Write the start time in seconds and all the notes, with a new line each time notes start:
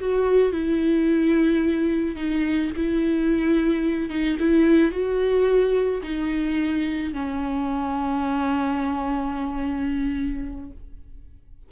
0.00 F#4
0.52 E4
2.16 D#4
2.76 E4
4.10 D#4
4.40 E4
4.92 F#4
6.03 D#4
7.13 C#4